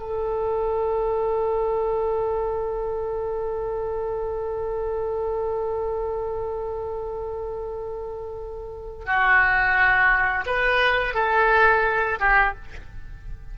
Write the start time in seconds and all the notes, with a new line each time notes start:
0.00 A4
9.06 F#4
10.47 B4
11.15 A4
12.20 G4